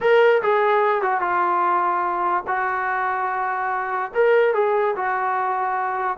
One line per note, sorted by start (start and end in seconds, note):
0.00 0.41 A#4
0.42 1.02 G#4
1.02 1.20 F#4
1.20 2.44 F4
2.47 4.11 F#4
4.14 4.54 A#4
4.54 4.95 G#4
4.96 6.17 F#4